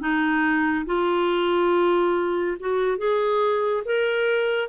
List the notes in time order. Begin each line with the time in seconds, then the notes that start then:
0.00 D#4
0.86 F4
2.60 F#4
2.98 G#4
3.85 A#4